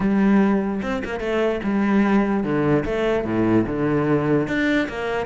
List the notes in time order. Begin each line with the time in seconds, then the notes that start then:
0.00 G3
0.82 C4
1.04 A#3
1.20 A3
1.63 G3
2.43 D3
2.85 A3
3.25 A2
3.66 D3
4.47 D4
4.89 A#3